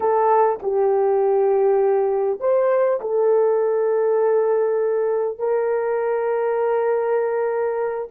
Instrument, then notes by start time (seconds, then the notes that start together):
horn
0.00 A4
0.62 G4
2.40 C5
3.01 A4
5.38 A#4